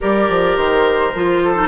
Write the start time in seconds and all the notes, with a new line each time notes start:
0.00 G3 G4 A#4 D5
0.29 F3
0.56 D#3 C5
1.14 F3 F4
1.44 A4
1.54 D#4